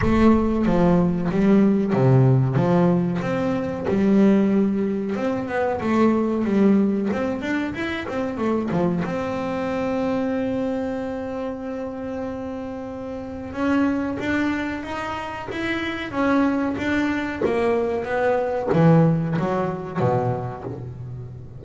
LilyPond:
\new Staff \with { instrumentName = "double bass" } { \time 4/4 \tempo 4 = 93 a4 f4 g4 c4 | f4 c'4 g2 | c'8 b8 a4 g4 c'8 d'8 | e'8 c'8 a8 f8 c'2~ |
c'1~ | c'4 cis'4 d'4 dis'4 | e'4 cis'4 d'4 ais4 | b4 e4 fis4 b,4 | }